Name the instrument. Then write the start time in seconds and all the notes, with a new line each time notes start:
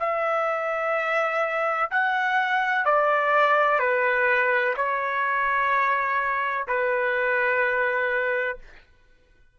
trumpet
0.00 E5
1.91 F#5
2.86 D5
3.80 B4
4.77 C#5
6.68 B4